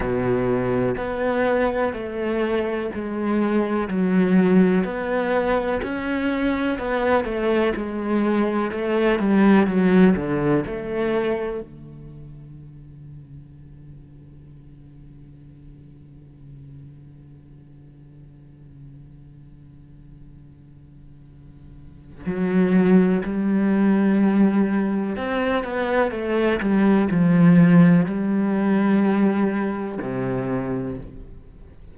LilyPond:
\new Staff \with { instrumentName = "cello" } { \time 4/4 \tempo 4 = 62 b,4 b4 a4 gis4 | fis4 b4 cis'4 b8 a8 | gis4 a8 g8 fis8 d8 a4 | d1~ |
d1~ | d2. fis4 | g2 c'8 b8 a8 g8 | f4 g2 c4 | }